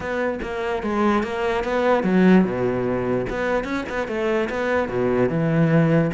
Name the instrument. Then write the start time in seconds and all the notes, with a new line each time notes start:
cello
0.00 B3
0.42 A#3
0.83 G#3
1.23 A#3
1.63 B3
2.03 F#3
2.44 B2
3.29 B3
3.63 C#4
3.89 B3
4.07 A3
4.49 B3
4.88 B2
5.29 E3